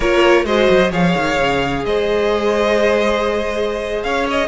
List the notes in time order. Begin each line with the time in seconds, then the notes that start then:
0.00 A#3 F4 A#4 C#5
0.44 G#3 F#4 C5 D#5
0.69 F#3
0.91 F3 G#4 C#5 F5
1.16 D#3
1.39 C#3
1.85 G#3 C5 D#5
4.03 C#4 C#5 F5
4.30 D#5